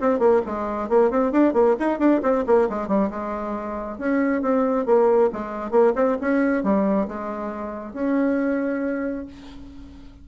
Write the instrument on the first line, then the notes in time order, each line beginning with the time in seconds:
bassoon
0.00 C4
0.19 A#3
0.46 G#3
0.89 A#3
1.10 C4
1.32 D4
1.53 A#3
1.79 D#4
1.99 D4
2.22 C4
2.46 A#3
2.70 G#3
2.88 G3
3.10 G#3
3.98 C#4
4.42 C4
4.86 A#3
5.32 G#3
5.71 A#3
5.95 C4
6.21 C#4
6.63 G3
7.08 G#3
7.93 C#4